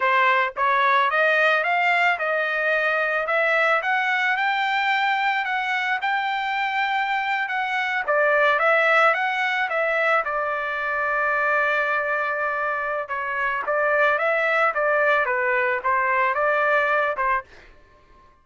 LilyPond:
\new Staff \with { instrumentName = "trumpet" } { \time 4/4 \tempo 4 = 110 c''4 cis''4 dis''4 f''4 | dis''2 e''4 fis''4 | g''2 fis''4 g''4~ | g''4.~ g''16 fis''4 d''4 e''16~ |
e''8. fis''4 e''4 d''4~ d''16~ | d''1 | cis''4 d''4 e''4 d''4 | b'4 c''4 d''4. c''8 | }